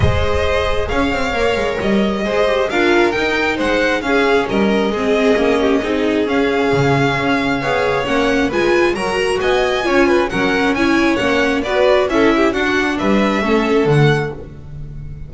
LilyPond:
<<
  \new Staff \with { instrumentName = "violin" } { \time 4/4 \tempo 4 = 134 dis''2 f''2 | dis''2 f''4 g''4 | fis''4 f''4 dis''2~ | dis''2 f''2~ |
f''2 fis''4 gis''4 | ais''4 gis''2 fis''4 | gis''4 fis''4 d''4 e''4 | fis''4 e''2 fis''4 | }
  \new Staff \with { instrumentName = "violin" } { \time 4/4 c''2 cis''2~ | cis''4 c''4 ais'2 | c''4 gis'4 ais'4 gis'4~ | gis'8 g'8 gis'2.~ |
gis'4 cis''2 b'4 | ais'4 dis''4 cis''8 b'8 ais'4 | cis''2 b'4 a'8 g'8 | fis'4 b'4 a'2 | }
  \new Staff \with { instrumentName = "viola" } { \time 4/4 gis'2. ais'4~ | ais'4 gis'8 g'8 f'4 dis'4~ | dis'4 cis'2 c'4 | cis'4 dis'4 cis'2~ |
cis'4 gis'4 cis'4 f'4 | fis'2 f'4 cis'4 | e'4 cis'4 fis'4 e'4 | d'2 cis'4 a4 | }
  \new Staff \with { instrumentName = "double bass" } { \time 4/4 gis2 cis'8 c'8 ais8 gis8 | g4 gis4 d'4 dis'4 | gis4 cis'4 g4 gis4 | ais4 c'4 cis'4 cis4 |
cis'4 b4 ais4 gis4 | fis4 b4 cis'4 fis4 | cis'4 ais4 b4 cis'4 | d'4 g4 a4 d4 | }
>>